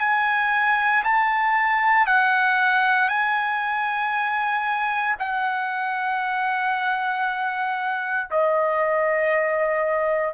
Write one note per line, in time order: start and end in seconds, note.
0.00 1.03 G#5
1.04 2.07 A5
2.07 3.09 F#5
3.09 5.16 G#5
5.19 8.29 F#5
8.31 10.34 D#5